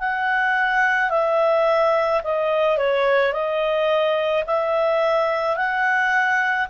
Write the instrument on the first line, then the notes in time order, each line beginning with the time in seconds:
clarinet
0.00 F#5
1.11 E5
2.24 D#5
2.78 C#5
3.33 D#5
4.46 E5
5.57 F#5